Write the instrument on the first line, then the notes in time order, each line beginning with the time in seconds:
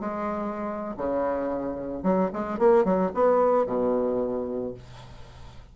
bassoon
0.00 G#3
0.97 C#3
2.03 F#3
2.33 G#3
2.59 A#3
2.84 F#3
3.14 B3
3.66 B2